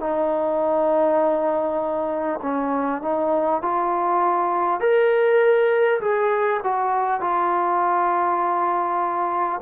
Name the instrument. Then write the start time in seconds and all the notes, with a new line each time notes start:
trombone
0.00 D#4
2.42 C#4
3.02 D#4
3.62 F4
4.81 A#4
6.01 G#4
6.64 F#4
7.21 F4